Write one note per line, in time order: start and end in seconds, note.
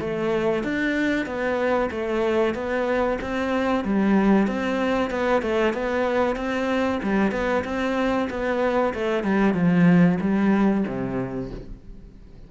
0.00 0.64 A3
0.64 1.26 D4
1.26 1.90 B3
1.91 2.54 A3
2.54 3.18 B3
3.21 3.84 C4
3.84 4.47 G3
4.47 5.10 C4
5.10 5.42 B3
5.42 5.74 A3
5.74 6.36 B3
6.36 7.00 C4
7.03 7.32 G3
7.32 7.64 B3
7.65 8.28 C4
8.30 8.94 B3
8.94 9.23 A3
9.23 9.54 G3
9.54 10.18 F3
10.21 10.85 G3
10.87 11.51 C3